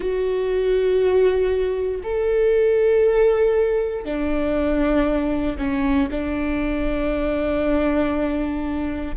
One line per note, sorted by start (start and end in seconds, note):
0.00 2.01 F#4
2.03 4.04 A4
4.04 5.57 D4
5.57 6.08 C#4
6.11 9.16 D4